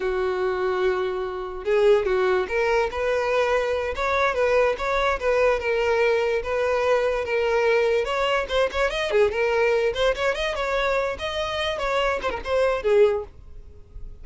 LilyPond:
\new Staff \with { instrumentName = "violin" } { \time 4/4 \tempo 4 = 145 fis'1 | gis'4 fis'4 ais'4 b'4~ | b'4. cis''4 b'4 cis''8~ | cis''8 b'4 ais'2 b'8~ |
b'4. ais'2 cis''8~ | cis''8 c''8 cis''8 dis''8 gis'8 ais'4. | c''8 cis''8 dis''8 cis''4. dis''4~ | dis''8 cis''4 c''16 ais'16 c''4 gis'4 | }